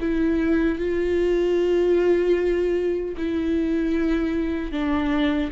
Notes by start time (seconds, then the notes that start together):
0.00 E4
0.78 F4
3.17 E4
4.72 D4